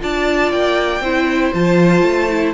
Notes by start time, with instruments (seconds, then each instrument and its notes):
0.00 cello D4, viola F4, violin D5 A5
0.52 cello A#3, violin G5
1.01 cello C4, viola E4, violin C5
1.54 cello F3, viola F4, violin A5
2.03 cello A3
2.30 viola E4